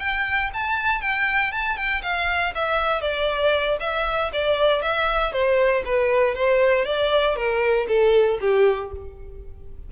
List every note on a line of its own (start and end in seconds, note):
0.00 0.51 G5
0.54 1.02 A5
1.02 1.52 G5
1.52 1.77 A5
1.77 2.03 G5
2.03 2.54 F5
2.55 3.02 E5
3.02 3.78 D5
3.81 4.32 E5
4.33 4.83 D5
4.83 5.33 E5
5.33 5.84 C5
5.86 6.35 B4
6.35 6.86 C5
6.86 7.36 D5
7.37 7.87 A#4
7.88 8.39 A4
8.41 8.92 G4